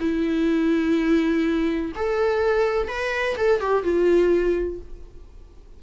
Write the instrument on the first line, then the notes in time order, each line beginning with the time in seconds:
viola
0.00 E4
1.96 A4
2.88 B4
3.37 A4
3.61 G4
3.83 F4